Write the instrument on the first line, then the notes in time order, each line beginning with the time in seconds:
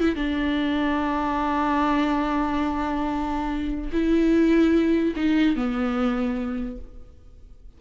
viola
0.00 E4
0.16 D4
3.93 E4
5.16 D#4
5.56 B3